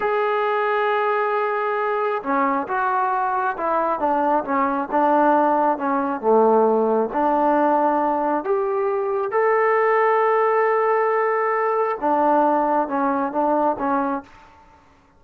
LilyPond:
\new Staff \with { instrumentName = "trombone" } { \time 4/4 \tempo 4 = 135 gis'1~ | gis'4 cis'4 fis'2 | e'4 d'4 cis'4 d'4~ | d'4 cis'4 a2 |
d'2. g'4~ | g'4 a'2.~ | a'2. d'4~ | d'4 cis'4 d'4 cis'4 | }